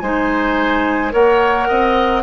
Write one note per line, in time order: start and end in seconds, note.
0.00 1.13 G#3
0.00 1.11 D#4
0.00 1.13 C5
0.00 1.11 G#5
1.11 1.69 A#3
1.11 2.22 A#4
1.11 1.69 C#5
1.11 2.23 F#5
1.69 2.23 C4
1.69 2.23 D#5